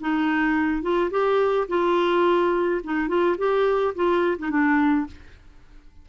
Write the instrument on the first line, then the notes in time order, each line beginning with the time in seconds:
clarinet
0.00 D#4
0.82 F4
1.10 G4
1.68 F4
2.84 D#4
3.08 F4
3.38 G4
3.95 F4
4.39 D#4
4.50 D4